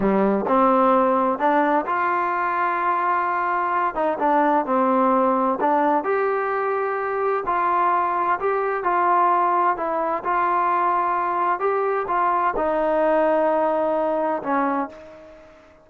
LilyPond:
\new Staff \with { instrumentName = "trombone" } { \time 4/4 \tempo 4 = 129 g4 c'2 d'4 | f'1~ | f'8 dis'8 d'4 c'2 | d'4 g'2. |
f'2 g'4 f'4~ | f'4 e'4 f'2~ | f'4 g'4 f'4 dis'4~ | dis'2. cis'4 | }